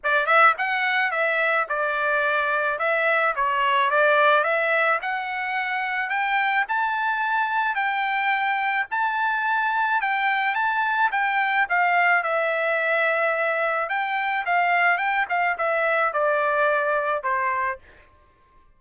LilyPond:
\new Staff \with { instrumentName = "trumpet" } { \time 4/4 \tempo 4 = 108 d''8 e''8 fis''4 e''4 d''4~ | d''4 e''4 cis''4 d''4 | e''4 fis''2 g''4 | a''2 g''2 |
a''2 g''4 a''4 | g''4 f''4 e''2~ | e''4 g''4 f''4 g''8 f''8 | e''4 d''2 c''4 | }